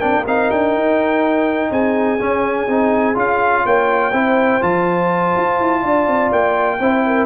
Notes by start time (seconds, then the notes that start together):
0.00 C4 D4 A#4 G5
0.16 A#3
0.26 C4 D#4 F5
0.50 D4 G5
0.74 D#4
1.70 C4 G#4 G#5
2.19 C#4
2.67 C4 D#4
3.15 C#4 F4 F5
3.64 A#3 C#5 G5
4.11 C4 E4 C5
4.61 F3 F4 A5
5.36 F4
5.60 E4
5.81 D4 D5
6.07 C4
6.32 A#3 G5
6.78 C4 E4 C5
7.06 A#4